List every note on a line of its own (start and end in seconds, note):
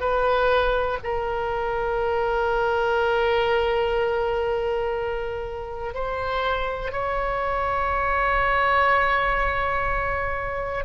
0.00 0.98 B4
1.03 5.94 A#4
5.94 6.92 C5
6.92 10.84 C#5